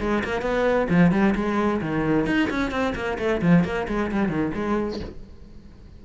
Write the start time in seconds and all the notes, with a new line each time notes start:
0.00 G#3
0.24 A#3
0.42 B3
0.90 F3
1.11 G3
1.35 G#3
1.81 D#3
2.26 D#4
2.50 C#4
2.71 C4
2.95 A#3
3.18 A3
3.42 F3
3.64 A#3
3.88 G#3
4.11 G3
4.29 D#3
4.54 G#3